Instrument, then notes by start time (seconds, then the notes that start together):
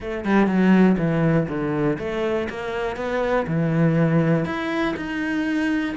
cello
0.00 A3
0.24 G3
0.46 F#3
0.98 E3
1.48 D3
1.99 A3
2.49 A#3
2.96 B3
3.47 E3
4.45 E4
4.96 D#4